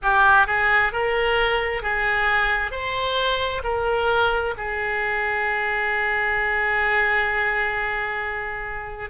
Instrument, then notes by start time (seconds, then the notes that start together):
oboe
0.02 G4
0.46 G#4
0.92 A#4
1.82 G#4
2.71 C5
3.63 A#4
4.57 G#4